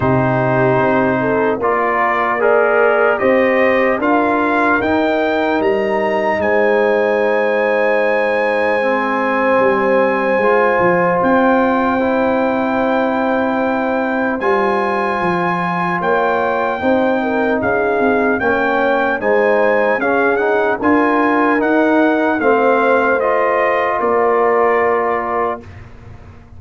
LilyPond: <<
  \new Staff \with { instrumentName = "trumpet" } { \time 4/4 \tempo 4 = 75 c''2 d''4 ais'4 | dis''4 f''4 g''4 ais''4 | gis''1~ | gis''2 g''2~ |
g''2 gis''2 | g''2 f''4 g''4 | gis''4 f''8 fis''8 gis''4 fis''4 | f''4 dis''4 d''2 | }
  \new Staff \with { instrumentName = "horn" } { \time 4/4 g'4. a'8 ais'4 d''4 | c''4 ais'2. | c''1~ | c''1~ |
c''1 | cis''4 c''8 ais'8 gis'4 cis''4 | c''4 gis'4 ais'2 | c''2 ais'2 | }
  \new Staff \with { instrumentName = "trombone" } { \time 4/4 dis'2 f'4 gis'4 | g'4 f'4 dis'2~ | dis'2. c'4~ | c'4 f'2 e'4~ |
e'2 f'2~ | f'4 dis'2 cis'4 | dis'4 cis'8 dis'8 f'4 dis'4 | c'4 f'2. | }
  \new Staff \with { instrumentName = "tuba" } { \time 4/4 c4 c'4 ais2 | c'4 d'4 dis'4 g4 | gis1 | g4 gis8 f8 c'2~ |
c'2 g4 f4 | ais4 c'4 cis'8 c'8 ais4 | gis4 cis'4 d'4 dis'4 | a2 ais2 | }
>>